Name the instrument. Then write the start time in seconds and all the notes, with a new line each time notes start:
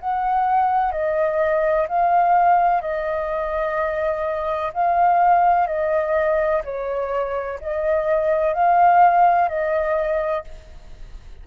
flute
0.00 F#5
0.92 D#5
1.88 F5
2.81 D#5
4.74 F5
5.67 D#5
6.64 C#5
7.61 D#5
8.54 F5
9.49 D#5